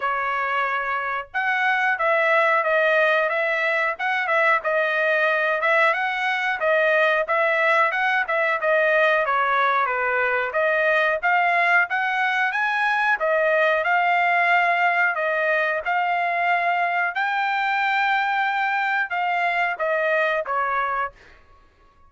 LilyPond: \new Staff \with { instrumentName = "trumpet" } { \time 4/4 \tempo 4 = 91 cis''2 fis''4 e''4 | dis''4 e''4 fis''8 e''8 dis''4~ | dis''8 e''8 fis''4 dis''4 e''4 | fis''8 e''8 dis''4 cis''4 b'4 |
dis''4 f''4 fis''4 gis''4 | dis''4 f''2 dis''4 | f''2 g''2~ | g''4 f''4 dis''4 cis''4 | }